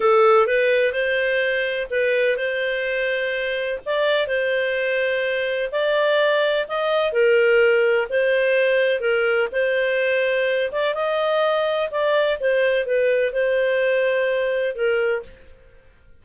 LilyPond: \new Staff \with { instrumentName = "clarinet" } { \time 4/4 \tempo 4 = 126 a'4 b'4 c''2 | b'4 c''2. | d''4 c''2. | d''2 dis''4 ais'4~ |
ais'4 c''2 ais'4 | c''2~ c''8 d''8 dis''4~ | dis''4 d''4 c''4 b'4 | c''2. ais'4 | }